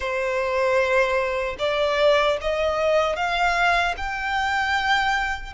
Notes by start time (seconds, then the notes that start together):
0.00 C5
1.58 D5
2.41 D#5
3.15 F5
3.97 G5